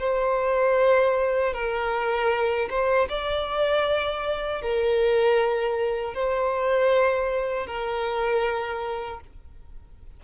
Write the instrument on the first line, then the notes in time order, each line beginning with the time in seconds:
violin
0.00 C5
1.54 A#4
2.70 C5
3.10 D5
4.62 A#4
6.15 C5
7.67 A#4